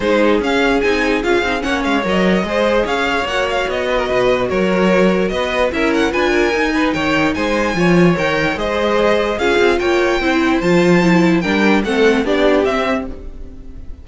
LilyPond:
<<
  \new Staff \with { instrumentName = "violin" } { \time 4/4 \tempo 4 = 147 c''4 f''4 gis''4 f''4 | fis''8 f''8 dis''2 f''4 | fis''8 f''8 dis''2 cis''4~ | cis''4 dis''4 e''8 fis''8 gis''4~ |
gis''4 g''4 gis''2 | g''4 dis''2 f''4 | g''2 a''2 | g''4 fis''4 d''4 e''4 | }
  \new Staff \with { instrumentName = "violin" } { \time 4/4 gis'1 | cis''2 c''4 cis''4~ | cis''4. b'16 ais'16 b'4 ais'4~ | ais'4 b'4 ais'4 b'8 ais'8~ |
ais'8 b'8 cis''4 c''4 cis''4~ | cis''4 c''2 gis'4 | cis''4 c''2. | ais'4 a'4 g'2 | }
  \new Staff \with { instrumentName = "viola" } { \time 4/4 dis'4 cis'4 dis'4 f'8 dis'8 | cis'4 ais'4 gis'2 | fis'1~ | fis'2 e'4 f'4 |
dis'2. f'4 | ais'4 gis'2 f'4~ | f'4 e'4 f'4 e'4 | d'4 c'4 d'4 c'4 | }
  \new Staff \with { instrumentName = "cello" } { \time 4/4 gis4 cis'4 c'4 cis'8 c'8 | ais8 gis8 fis4 gis4 cis'4 | ais4 b4 b,4 fis4~ | fis4 b4 cis'4 d'4 |
dis'4 dis4 gis4 f4 | dis4 gis2 cis'8 c'8 | ais4 c'4 f2 | g4 a4 b4 c'4 | }
>>